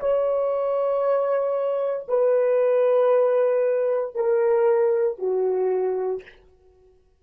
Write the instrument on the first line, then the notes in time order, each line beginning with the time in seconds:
horn
0.00 C#5
2.09 B4
4.15 A#4
5.19 F#4